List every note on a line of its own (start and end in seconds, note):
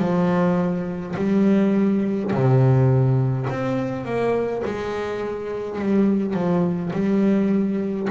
0.00 1.15 F3
1.16 2.32 G3
2.32 3.48 C3
3.50 4.05 C4
4.05 4.63 A#3
4.65 5.80 G#3
5.80 6.34 G3
6.34 6.92 F3
6.93 8.09 G3